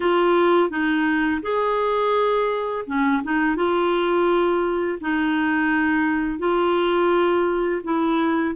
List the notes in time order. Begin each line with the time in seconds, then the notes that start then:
0.00 F4
0.69 D#4
1.42 G#4
2.86 C#4
3.23 D#4
3.56 F4
5.01 D#4
6.39 F4
7.83 E4